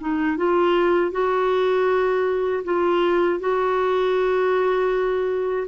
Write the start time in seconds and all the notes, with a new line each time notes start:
0.00 D#4
0.37 F4
1.12 F#4
2.64 F4
3.40 F#4